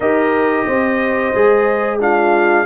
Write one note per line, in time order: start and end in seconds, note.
0.00 0.66 D#4
0.00 1.34 G4
0.00 0.66 A#4
0.00 1.99 D#5
0.66 1.33 C4
0.66 2.00 C5
1.34 2.65 G#3
1.34 1.99 G#4
1.99 2.65 D4
1.99 2.65 F4
1.99 2.65 F5